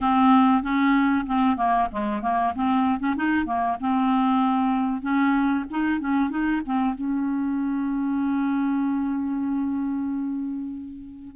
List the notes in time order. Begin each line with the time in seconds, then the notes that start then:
0.01 C4
0.62 C#4
1.26 C4
1.56 A#3
1.91 G#3
2.22 A#3
2.55 C4
2.99 C#4
3.16 D#4
3.45 A#3
3.80 C4
5.01 C#4
5.70 D#4
5.99 C#4
6.30 D#4
6.65 C4
6.94 C#4